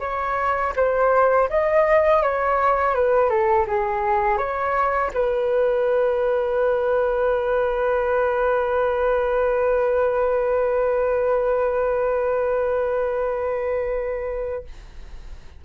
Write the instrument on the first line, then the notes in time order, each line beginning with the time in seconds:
flute
0.00 C#5
0.76 C5
1.49 D#5
2.23 C#5
2.95 B4
3.29 A4
3.67 G#4
4.38 C#5
5.14 B4